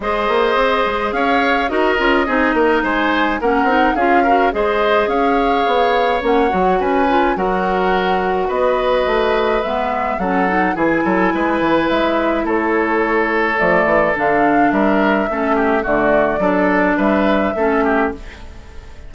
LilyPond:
<<
  \new Staff \with { instrumentName = "flute" } { \time 4/4 \tempo 4 = 106 dis''2 f''4 dis''4~ | dis''4 gis''4 fis''4 f''4 | dis''4 f''2 fis''4 | gis''4 fis''2 dis''4~ |
dis''4 e''4 fis''4 gis''4~ | gis''4 e''4 cis''2 | d''4 f''4 e''2 | d''2 e''2 | }
  \new Staff \with { instrumentName = "oboe" } { \time 4/4 c''2 cis''4 ais'4 | gis'8 ais'8 c''4 ais'4 gis'8 ais'8 | c''4 cis''2. | b'4 ais'2 b'4~ |
b'2 a'4 gis'8 a'8 | b'2 a'2~ | a'2 ais'4 a'8 g'8 | fis'4 a'4 b'4 a'8 g'8 | }
  \new Staff \with { instrumentName = "clarinet" } { \time 4/4 gis'2. fis'8 f'8 | dis'2 cis'8 dis'8 f'8 fis'8 | gis'2. cis'8 fis'8~ | fis'8 f'8 fis'2.~ |
fis'4 b4 cis'8 dis'8 e'4~ | e'1 | a4 d'2 cis'4 | a4 d'2 cis'4 | }
  \new Staff \with { instrumentName = "bassoon" } { \time 4/4 gis8 ais8 c'8 gis8 cis'4 dis'8 cis'8 | c'8 ais8 gis4 ais8 c'8 cis'4 | gis4 cis'4 b4 ais8 fis8 | cis'4 fis2 b4 |
a4 gis4 fis4 e8 fis8 | gis8 e8 gis4 a2 | f8 e8 d4 g4 a4 | d4 fis4 g4 a4 | }
>>